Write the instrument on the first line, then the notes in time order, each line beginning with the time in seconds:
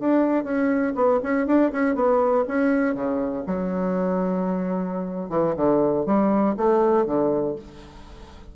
bassoon
0.00 D4
0.44 C#4
0.95 B3
1.23 C#4
1.47 D4
1.72 C#4
1.95 B3
2.48 C#4
2.95 C#3
3.47 F#3
5.29 E3
5.56 D3
6.06 G3
6.57 A3
7.06 D3